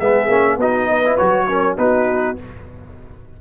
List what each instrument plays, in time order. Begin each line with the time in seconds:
0.00 tuba G#3, trombone B3, horn G#4, trumpet E5
0.28 tuba A#3, trombone C#4
0.57 tuba B3, trombone D#4, horn F#4, trumpet D#5
0.88 horn B4
1.05 trombone E4
1.17 tuba F#3, trombone F#4, trumpet C#5
1.48 trombone C#4, horn A#4
1.77 tuba B3, trombone D#4, horn F#4, trumpet B4